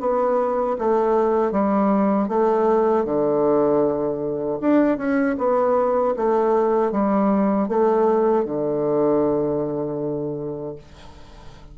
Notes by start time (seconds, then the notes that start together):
0.00 B3
0.79 A3
1.52 G3
2.29 A3
3.05 D3
4.61 D4
4.98 C#4
5.38 B3
6.17 A3
6.92 G3
7.69 A3
8.45 D3